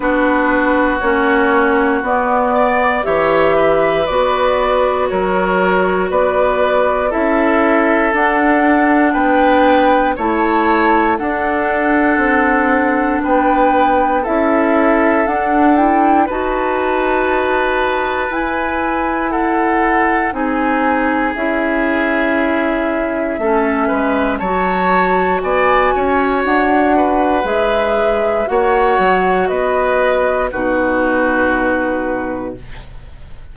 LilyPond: <<
  \new Staff \with { instrumentName = "flute" } { \time 4/4 \tempo 4 = 59 b'4 cis''4 d''4 e''4 | d''4 cis''4 d''4 e''4 | fis''4 g''4 a''4 fis''4~ | fis''4 g''4 e''4 fis''8 g''8 |
a''2 gis''4 fis''4 | gis''4 e''2. | a''4 gis''4 fis''4 e''4 | fis''4 dis''4 b'2 | }
  \new Staff \with { instrumentName = "oboe" } { \time 4/4 fis'2~ fis'8 d''8 cis''8 b'8~ | b'4 ais'4 b'4 a'4~ | a'4 b'4 cis''4 a'4~ | a'4 b'4 a'2 |
b'2. a'4 | gis'2. a'8 b'8 | cis''4 d''8 cis''4 b'4. | cis''4 b'4 fis'2 | }
  \new Staff \with { instrumentName = "clarinet" } { \time 4/4 d'4 cis'4 b4 g'4 | fis'2. e'4 | d'2 e'4 d'4~ | d'2 e'4 d'8 e'8 |
fis'2 e'2 | dis'4 e'2 cis'4 | fis'2. gis'4 | fis'2 dis'2 | }
  \new Staff \with { instrumentName = "bassoon" } { \time 4/4 b4 ais4 b4 e4 | b4 fis4 b4 cis'4 | d'4 b4 a4 d'4 | c'4 b4 cis'4 d'4 |
dis'2 e'2 | c'4 cis'2 a8 gis8 | fis4 b8 cis'8 d'4 gis4 | ais8 fis8 b4 b,2 | }
>>